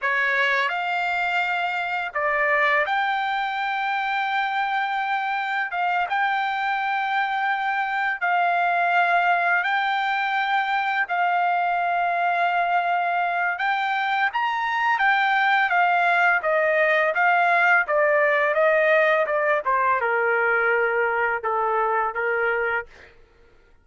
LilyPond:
\new Staff \with { instrumentName = "trumpet" } { \time 4/4 \tempo 4 = 84 cis''4 f''2 d''4 | g''1 | f''8 g''2. f''8~ | f''4. g''2 f''8~ |
f''2. g''4 | ais''4 g''4 f''4 dis''4 | f''4 d''4 dis''4 d''8 c''8 | ais'2 a'4 ais'4 | }